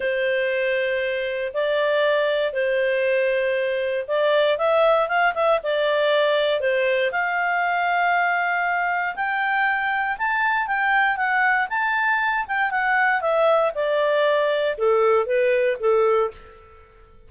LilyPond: \new Staff \with { instrumentName = "clarinet" } { \time 4/4 \tempo 4 = 118 c''2. d''4~ | d''4 c''2. | d''4 e''4 f''8 e''8 d''4~ | d''4 c''4 f''2~ |
f''2 g''2 | a''4 g''4 fis''4 a''4~ | a''8 g''8 fis''4 e''4 d''4~ | d''4 a'4 b'4 a'4 | }